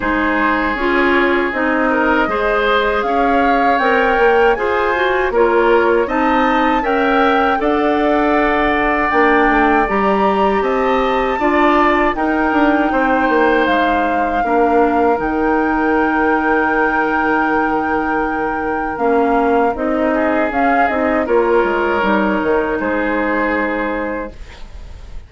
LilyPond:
<<
  \new Staff \with { instrumentName = "flute" } { \time 4/4 \tempo 4 = 79 c''4 cis''4 dis''2 | f''4 g''4 gis''4 cis''4 | a''4 g''4 fis''2 | g''4 ais''4 a''2 |
g''2 f''2 | g''1~ | g''4 f''4 dis''4 f''8 dis''8 | cis''2 c''2 | }
  \new Staff \with { instrumentName = "oboe" } { \time 4/4 gis'2~ gis'8 ais'8 c''4 | cis''2 c''4 ais'4 | dis''4 e''4 d''2~ | d''2 dis''4 d''4 |
ais'4 c''2 ais'4~ | ais'1~ | ais'2~ ais'8 gis'4. | ais'2 gis'2 | }
  \new Staff \with { instrumentName = "clarinet" } { \time 4/4 dis'4 f'4 dis'4 gis'4~ | gis'4 ais'4 gis'8 fis'8 f'4 | dis'4 ais'4 a'2 | d'4 g'2 f'4 |
dis'2. d'4 | dis'1~ | dis'4 cis'4 dis'4 cis'8 dis'8 | f'4 dis'2. | }
  \new Staff \with { instrumentName = "bassoon" } { \time 4/4 gis4 cis'4 c'4 gis4 | cis'4 c'8 ais8 f'4 ais4 | c'4 cis'4 d'2 | ais8 a8 g4 c'4 d'4 |
dis'8 d'8 c'8 ais8 gis4 ais4 | dis1~ | dis4 ais4 c'4 cis'8 c'8 | ais8 gis8 g8 dis8 gis2 | }
>>